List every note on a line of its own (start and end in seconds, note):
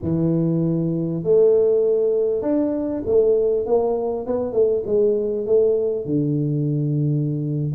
0.02 1.23 E3
1.23 2.42 A3
2.42 3.02 D4
3.05 3.65 A3
3.65 4.26 A#3
4.26 4.52 B3
4.52 4.83 A3
4.85 5.46 G#3
5.46 6.05 A3
6.05 7.72 D3